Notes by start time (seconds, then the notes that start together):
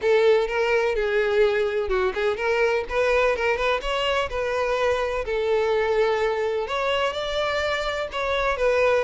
0.01 A4
0.47 A#4
0.95 G#4
1.88 F#4
2.14 G#4
2.37 A#4
2.89 B4
3.36 A#4
3.56 B4
3.81 C#5
4.29 B4
5.25 A4
6.67 C#5
7.13 D5
8.11 C#5
8.57 B4